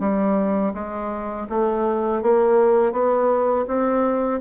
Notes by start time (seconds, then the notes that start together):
0.00 G3
0.74 G#3
1.50 A3
2.23 A#3
2.92 B3
3.68 C4